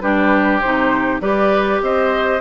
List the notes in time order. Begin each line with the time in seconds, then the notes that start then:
0.00 G3 D4 G4 B4
0.60 C3 D#4 C5
1.20 G3 G4 B4 D5
1.82 C4 C5 D#5